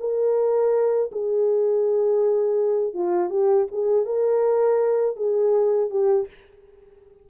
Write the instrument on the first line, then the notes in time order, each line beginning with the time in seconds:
horn
0.00 A#4
1.12 G#4
2.94 F4
3.30 G4
3.72 G#4
4.06 A#4
5.16 G#4
5.91 G4